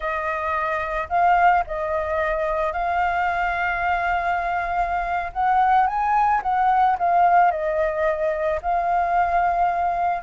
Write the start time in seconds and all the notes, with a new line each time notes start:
0.00 D#5
1.09 F5
1.66 D#5
2.72 F5
5.33 F#5
5.86 G#5
6.42 F#5
6.98 F5
7.51 D#5
8.62 F5